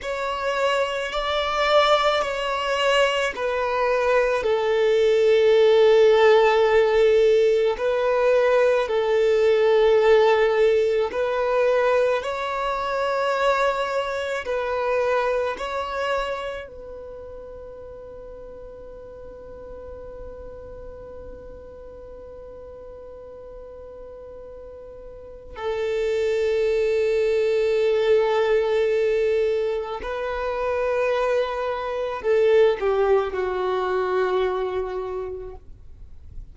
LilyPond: \new Staff \with { instrumentName = "violin" } { \time 4/4 \tempo 4 = 54 cis''4 d''4 cis''4 b'4 | a'2. b'4 | a'2 b'4 cis''4~ | cis''4 b'4 cis''4 b'4~ |
b'1~ | b'2. a'4~ | a'2. b'4~ | b'4 a'8 g'8 fis'2 | }